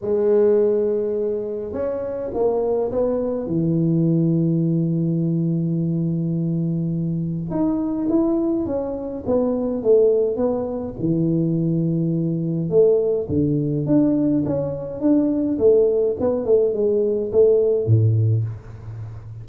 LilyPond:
\new Staff \with { instrumentName = "tuba" } { \time 4/4 \tempo 4 = 104 gis2. cis'4 | ais4 b4 e2~ | e1~ | e4 dis'4 e'4 cis'4 |
b4 a4 b4 e4~ | e2 a4 d4 | d'4 cis'4 d'4 a4 | b8 a8 gis4 a4 a,4 | }